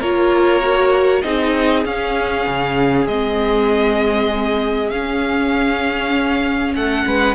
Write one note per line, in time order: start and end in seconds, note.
0.00 1.23 A#3
0.00 0.61 F4
0.00 1.22 A#4
0.00 1.22 C#5
0.61 1.22 F#4
1.22 1.85 C4
1.22 1.85 D#4
1.22 6.74 G#4
1.22 1.83 D#5
1.85 2.46 C#4
1.85 3.08 C#4
1.85 3.07 F5
2.47 3.06 C#3
3.06 4.90 G#3
3.06 4.92 C4
3.06 4.90 D#5
4.90 6.73 C#4
4.90 7.35 C#4
4.90 6.74 F5
6.74 7.05 A3
6.74 7.05 A4
6.74 7.35 F#5
7.06 7.35 G#3
7.06 7.35 B4